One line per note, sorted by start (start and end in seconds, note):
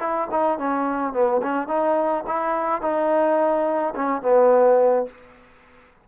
0.00 0.28 E4
0.31 0.59 D#4
0.59 1.13 C#4
1.13 1.41 B3
1.42 1.68 C#4
1.68 2.24 D#4
2.27 2.82 E4
2.82 3.94 D#4
3.96 4.22 C#4
4.22 5.06 B3